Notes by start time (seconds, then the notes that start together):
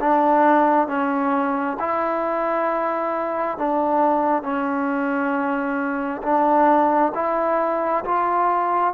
0.00 D4
0.88 C#4
1.80 E4
3.58 D4
4.43 C#4
6.23 D4
7.15 E4
8.05 F4